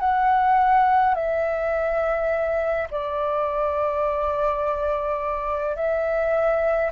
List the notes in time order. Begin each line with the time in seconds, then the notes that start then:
0.00 F#5
1.15 E5
2.91 D5
5.76 E5